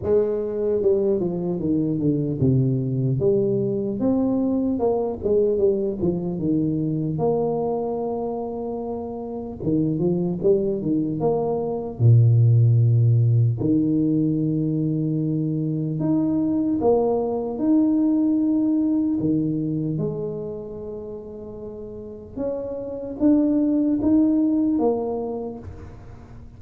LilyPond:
\new Staff \with { instrumentName = "tuba" } { \time 4/4 \tempo 4 = 75 gis4 g8 f8 dis8 d8 c4 | g4 c'4 ais8 gis8 g8 f8 | dis4 ais2. | dis8 f8 g8 dis8 ais4 ais,4~ |
ais,4 dis2. | dis'4 ais4 dis'2 | dis4 gis2. | cis'4 d'4 dis'4 ais4 | }